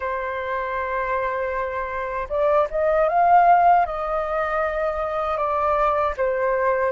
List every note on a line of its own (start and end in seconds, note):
0.00 2.28 C5
2.29 2.67 D5
2.70 3.08 D#5
3.08 3.85 F5
3.86 5.37 D#5
5.37 6.14 D5
6.17 6.92 C5